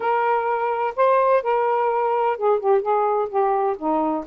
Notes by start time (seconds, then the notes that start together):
0.00 A#4
0.96 C5
1.43 A#4
2.37 G#4
2.59 G4
2.81 G#4
3.29 G4
3.77 D#4